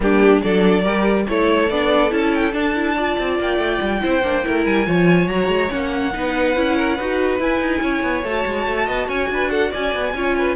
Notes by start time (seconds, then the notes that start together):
0.00 G3 A#3 D4 G4
0.41 F#3 D4 A4 D5
0.82 G3 G4 A#4
1.28 A3 E4 A4 C#5
1.69 B3 D4 D5
2.09 C#4 E4 A5
2.34 G5
2.51 D4 A5
2.75 E4
2.95 F4 D5
3.18 C4
3.39 A#3 G5
3.57 A3
3.81 G3
4.01 C4 E4 C5
4.21 A#3 D4
4.43 A3 E4 A#4
4.65 G3 G#5
4.85 F3 F4 C#5
5.27 F#3 F#4 A#5
5.47 G#3
5.68 A#3 C#4 F#5
6.13 B3 D#4 B4
6.55 C#4 E4
6.76 A#4
6.95 D#4 F#4 B4
7.39 E4 G#5
7.59 D#4
7.81 C#4 C#5
8.02 B3
8.23 A3 F#4 A5
8.46 G#3
8.67 A3
8.85 B3 D#5
9.07 C#4 C#5 G#5
9.30 D4 B4
9.50 A4 F#5
9.70 C#4 D5 G#5
9.94 B3
10.13 C#4 F4 C#5
10.37 B4